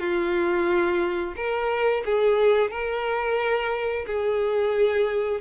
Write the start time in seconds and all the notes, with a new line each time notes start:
0.00 F4
1.37 A#4
2.06 G#4
2.71 A#4
4.07 G#4